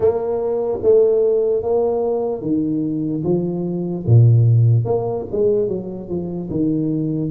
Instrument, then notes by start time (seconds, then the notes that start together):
tuba
0.00 A#3
0.82 A3
1.62 A#3
2.41 D#3
3.23 F3
4.06 A#2
4.84 A#3
5.31 G#3
5.68 F#3
6.08 F3
6.50 D#3